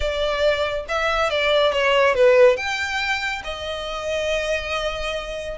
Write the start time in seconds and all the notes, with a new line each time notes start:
0.00 D5
0.88 E5
1.30 D5
1.72 C#5
2.14 B4
2.56 G5
3.44 D#5